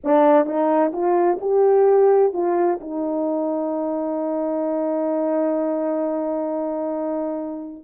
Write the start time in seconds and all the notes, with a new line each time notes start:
0.04 D4
0.46 D#4
0.92 F4
1.41 G4
2.33 F4
2.80 D#4